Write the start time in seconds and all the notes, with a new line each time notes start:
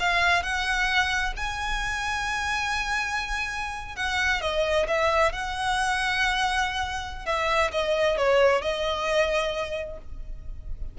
0.00 F5
0.43 F#5
1.37 G#5
3.96 F#5
4.41 D#5
4.88 E5
5.32 F#5
7.26 E5
7.72 D#5
8.17 C#5
8.62 D#5